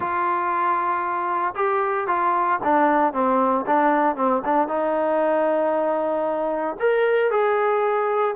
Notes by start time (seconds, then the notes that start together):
0.00 F4
1.55 G4
2.07 F4
2.63 D4
3.13 C4
3.66 D4
4.16 C4
4.44 D4
4.68 D#4
6.79 A#4
7.30 G#4